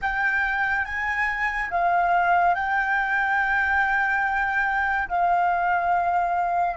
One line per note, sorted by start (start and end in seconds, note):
0.01 0.85 G5
0.85 1.69 G#5
1.70 2.54 F5
2.54 5.08 G5
5.08 6.76 F5